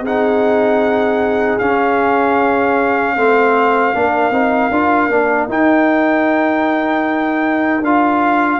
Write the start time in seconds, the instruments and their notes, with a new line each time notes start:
0.00 tuba C4, trombone D#4, horn G#4, trumpet F#5
1.58 tuba C#4, trombone C#4, trumpet F5
3.16 tuba A3, trombone C4, horn C5
3.94 tuba A#3, trombone D4, horn A#4
4.30 tuba C4, trombone D#4
4.71 tuba D4, trombone F4
5.09 tuba A#3, trombone D4
5.48 tuba D#4, trombone D#4, trumpet G5
7.81 tuba D4, trombone F4, trumpet F5